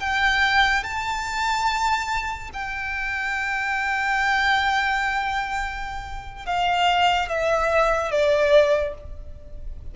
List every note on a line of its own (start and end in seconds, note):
0.00 0.83 G5
0.84 2.50 A5
2.53 6.46 G5
6.46 7.29 F5
7.29 8.11 E5
8.11 8.94 D5